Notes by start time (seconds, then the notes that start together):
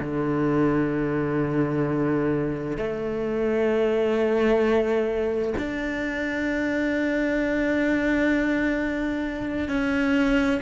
0.00 D3
2.77 A3
5.58 D4
9.68 C#4